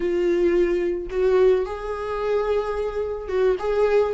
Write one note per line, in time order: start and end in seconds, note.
0.00 1.07 F4
1.10 1.65 F#4
1.65 3.28 G#4
3.28 3.56 F#4
3.59 4.14 G#4